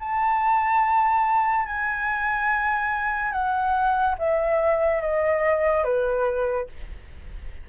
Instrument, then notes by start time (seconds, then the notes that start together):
flute
0.00 A5
1.66 G#5
3.32 F#5
4.19 E5
5.02 D#5
5.84 B4